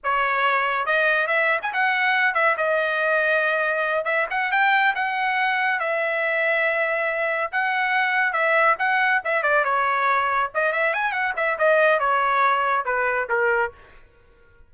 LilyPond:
\new Staff \with { instrumentName = "trumpet" } { \time 4/4 \tempo 4 = 140 cis''2 dis''4 e''8. gis''16 | fis''4. e''8 dis''2~ | dis''4. e''8 fis''8 g''4 fis''8~ | fis''4. e''2~ e''8~ |
e''4. fis''2 e''8~ | e''8 fis''4 e''8 d''8 cis''4.~ | cis''8 dis''8 e''8 gis''8 fis''8 e''8 dis''4 | cis''2 b'4 ais'4 | }